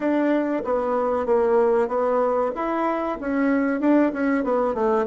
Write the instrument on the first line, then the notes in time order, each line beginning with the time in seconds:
bassoon
0.00 D4
0.64 B3
1.26 A#3
1.88 B3
2.55 E4
3.20 C#4
3.80 D4
4.12 C#4
4.44 B3
4.74 A3